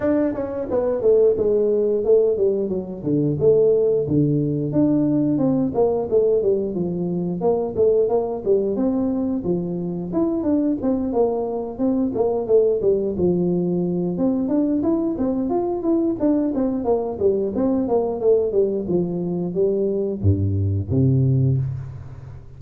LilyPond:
\new Staff \with { instrumentName = "tuba" } { \time 4/4 \tempo 4 = 89 d'8 cis'8 b8 a8 gis4 a8 g8 | fis8 d8 a4 d4 d'4 | c'8 ais8 a8 g8 f4 ais8 a8 | ais8 g8 c'4 f4 e'8 d'8 |
c'8 ais4 c'8 ais8 a8 g8 f8~ | f4 c'8 d'8 e'8 c'8 f'8 e'8 | d'8 c'8 ais8 g8 c'8 ais8 a8 g8 | f4 g4 g,4 c4 | }